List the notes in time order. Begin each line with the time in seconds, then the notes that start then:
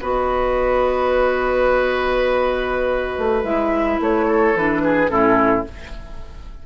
0.00 B3 F#4 B4 D#5
3.18 A3
3.43 G#3 E4 E5
4.00 A3 C#5
4.26 A4
4.55 E3 D4 B4
4.83 G#4
5.09 A2 C#4 E4 A4